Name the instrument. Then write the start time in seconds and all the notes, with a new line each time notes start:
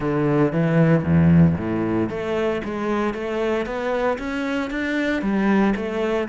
cello
0.00 D3
0.52 E3
1.03 E2
1.57 A2
2.09 A3
2.64 G#3
3.14 A3
3.65 B3
4.18 C#4
4.70 D4
5.22 G3
5.76 A3